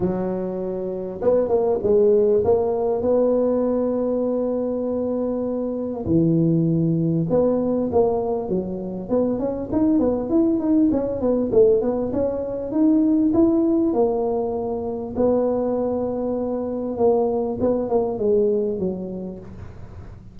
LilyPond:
\new Staff \with { instrumentName = "tuba" } { \time 4/4 \tempo 4 = 99 fis2 b8 ais8 gis4 | ais4 b2.~ | b2 e2 | b4 ais4 fis4 b8 cis'8 |
dis'8 b8 e'8 dis'8 cis'8 b8 a8 b8 | cis'4 dis'4 e'4 ais4~ | ais4 b2. | ais4 b8 ais8 gis4 fis4 | }